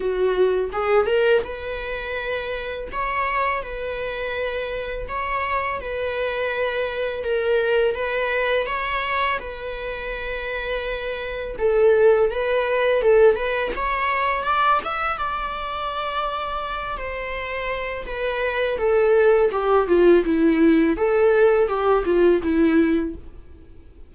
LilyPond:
\new Staff \with { instrumentName = "viola" } { \time 4/4 \tempo 4 = 83 fis'4 gis'8 ais'8 b'2 | cis''4 b'2 cis''4 | b'2 ais'4 b'4 | cis''4 b'2. |
a'4 b'4 a'8 b'8 cis''4 | d''8 e''8 d''2~ d''8 c''8~ | c''4 b'4 a'4 g'8 f'8 | e'4 a'4 g'8 f'8 e'4 | }